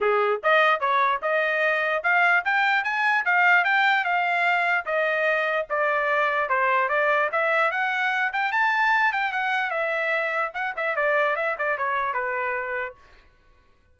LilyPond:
\new Staff \with { instrumentName = "trumpet" } { \time 4/4 \tempo 4 = 148 gis'4 dis''4 cis''4 dis''4~ | dis''4 f''4 g''4 gis''4 | f''4 g''4 f''2 | dis''2 d''2 |
c''4 d''4 e''4 fis''4~ | fis''8 g''8 a''4. g''8 fis''4 | e''2 fis''8 e''8 d''4 | e''8 d''8 cis''4 b'2 | }